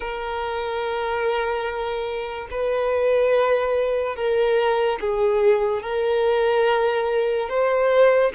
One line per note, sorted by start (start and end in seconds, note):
0.00 2.48 A#4
2.50 4.16 B4
4.16 4.99 A#4
5.00 5.82 G#4
5.82 7.48 A#4
7.49 8.32 C5